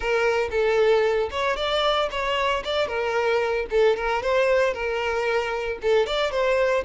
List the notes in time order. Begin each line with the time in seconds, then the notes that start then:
0.00 A#4
0.50 A4
1.30 C#5
1.56 D5
2.10 C#5
2.64 D5
2.87 A#4
3.70 A4
3.96 A#4
4.22 C5
4.73 A#4
5.82 A4
6.06 D5
6.31 C5